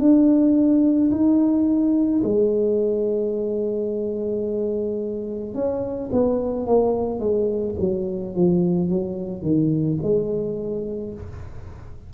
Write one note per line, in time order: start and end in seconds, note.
0.00 1.11 D4
1.11 2.22 D#4
2.24 5.55 G#3
5.55 6.10 C#4
6.12 6.67 B3
6.67 7.20 A#3
7.20 7.75 G#3
7.80 8.35 F#3
8.35 8.90 F3
8.90 9.42 F#3
9.42 9.98 D#3
10.03 11.14 G#3